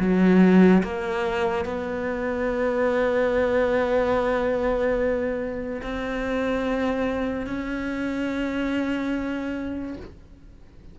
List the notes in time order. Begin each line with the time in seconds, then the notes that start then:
0.00 F#3
0.83 A#3
1.65 B3
5.83 C4
7.47 C#4